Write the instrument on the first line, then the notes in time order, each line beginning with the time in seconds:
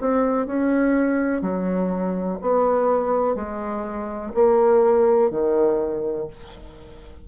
bassoon
0.00 C4
0.46 C#4
1.41 F#3
2.41 B3
3.35 G#3
4.34 A#3
5.30 D#3